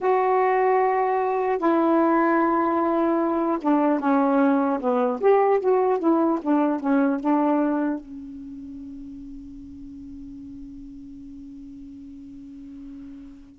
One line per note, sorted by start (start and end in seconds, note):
0.00 1.58 F#4
1.58 3.58 E4
3.61 3.99 D4
3.99 4.79 C#4
4.80 5.20 B3
5.20 5.60 G4
5.60 5.99 F#4
5.99 6.39 E4
6.41 6.80 D4
6.80 7.20 C#4
7.20 7.99 D4
7.99 13.59 C#4